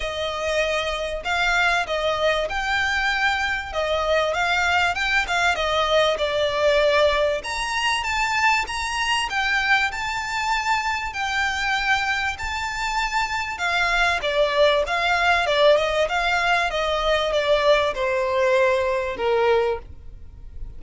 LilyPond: \new Staff \with { instrumentName = "violin" } { \time 4/4 \tempo 4 = 97 dis''2 f''4 dis''4 | g''2 dis''4 f''4 | g''8 f''8 dis''4 d''2 | ais''4 a''4 ais''4 g''4 |
a''2 g''2 | a''2 f''4 d''4 | f''4 d''8 dis''8 f''4 dis''4 | d''4 c''2 ais'4 | }